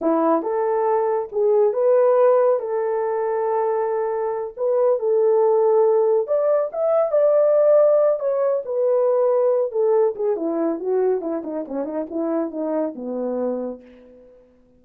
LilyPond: \new Staff \with { instrumentName = "horn" } { \time 4/4 \tempo 4 = 139 e'4 a'2 gis'4 | b'2 a'2~ | a'2~ a'8 b'4 a'8~ | a'2~ a'8 d''4 e''8~ |
e''8 d''2~ d''8 cis''4 | b'2~ b'8 a'4 gis'8 | e'4 fis'4 e'8 dis'8 cis'8 dis'8 | e'4 dis'4 b2 | }